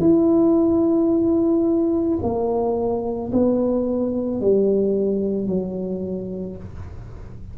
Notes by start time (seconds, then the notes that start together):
0.00 E4
2.22 A#3
3.32 B3
4.41 G3
5.47 F#3